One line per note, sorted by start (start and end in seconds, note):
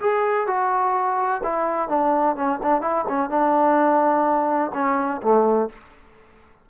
0.00 0.47 G#4
0.47 1.42 F#4
1.43 1.89 E4
1.89 2.36 D4
2.36 2.59 C#4
2.62 2.81 D4
2.81 3.05 E4
3.09 3.30 C#4
3.30 4.71 D4
4.74 5.21 C#4
5.22 5.69 A3